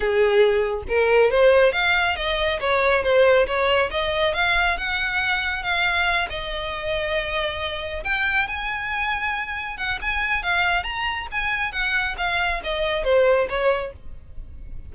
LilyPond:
\new Staff \with { instrumentName = "violin" } { \time 4/4 \tempo 4 = 138 gis'2 ais'4 c''4 | f''4 dis''4 cis''4 c''4 | cis''4 dis''4 f''4 fis''4~ | fis''4 f''4. dis''4.~ |
dis''2~ dis''8 g''4 gis''8~ | gis''2~ gis''8 fis''8 gis''4 | f''4 ais''4 gis''4 fis''4 | f''4 dis''4 c''4 cis''4 | }